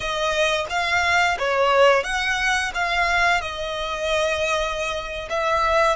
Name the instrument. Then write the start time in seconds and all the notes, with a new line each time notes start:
violin
0.00 D#5
0.69 F5
1.39 C#5
2.03 F#5
2.74 F5
3.41 D#5
5.29 E5